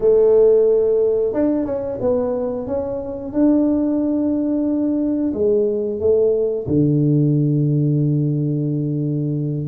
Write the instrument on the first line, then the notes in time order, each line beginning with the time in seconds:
tuba
0.00 A3
1.33 D4
1.65 C#4
2.00 B3
2.67 C#4
3.32 D4
5.33 G#3
6.00 A3
6.67 D3